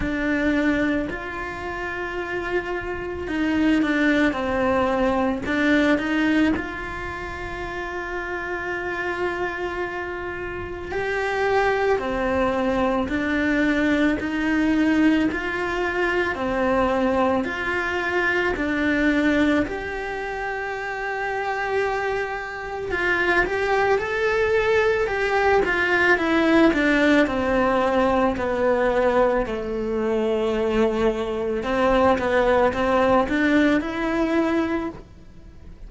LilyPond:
\new Staff \with { instrumentName = "cello" } { \time 4/4 \tempo 4 = 55 d'4 f'2 dis'8 d'8 | c'4 d'8 dis'8 f'2~ | f'2 g'4 c'4 | d'4 dis'4 f'4 c'4 |
f'4 d'4 g'2~ | g'4 f'8 g'8 a'4 g'8 f'8 | e'8 d'8 c'4 b4 a4~ | a4 c'8 b8 c'8 d'8 e'4 | }